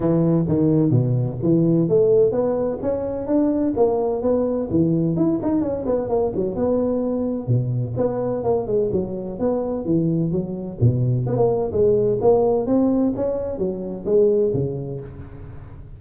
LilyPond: \new Staff \with { instrumentName = "tuba" } { \time 4/4 \tempo 4 = 128 e4 dis4 b,4 e4 | a4 b4 cis'4 d'4 | ais4 b4 e4 e'8 dis'8 | cis'8 b8 ais8 fis8 b2 |
b,4 b4 ais8 gis8 fis4 | b4 e4 fis4 b,4 | b16 ais8. gis4 ais4 c'4 | cis'4 fis4 gis4 cis4 | }